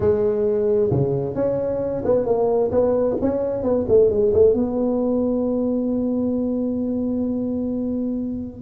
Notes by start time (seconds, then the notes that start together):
0.00 G#3
0.90 C#3
1.35 C#4
2.05 B3
2.25 A#3
2.71 B3
3.21 C#4
3.62 B3
3.88 A3
4.10 G#3
4.33 A3
4.53 B3